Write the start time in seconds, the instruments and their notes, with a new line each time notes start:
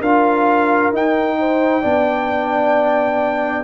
0.00 tuba D4, trombone F4, horn A#4, trumpet F5
0.93 trombone D#4, tuba D#4, trumpet G5
1.40 horn C5
1.82 tuba B3, trombone D4, horn D5